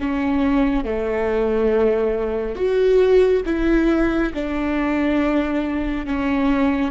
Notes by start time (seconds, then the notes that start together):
0.00 C#4
0.85 A3
2.56 F#4
3.46 E4
4.34 D4
6.06 C#4